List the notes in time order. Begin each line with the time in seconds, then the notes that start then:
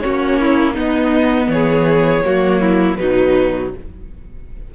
0.00 C#4 F#4 C#5
0.06 A#3
0.41 E4
0.74 B3 D#4 D#5
1.48 E3 C#5
1.54 G#4
2.24 F#3 A#3 F#4
2.61 E4
2.96 B2 F#3 D#4 B4